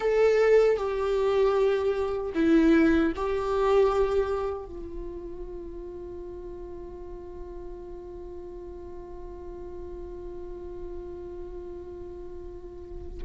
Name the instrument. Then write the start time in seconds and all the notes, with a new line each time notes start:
viola
0.00 A4
0.77 G4
2.34 E4
3.15 G4
4.65 F4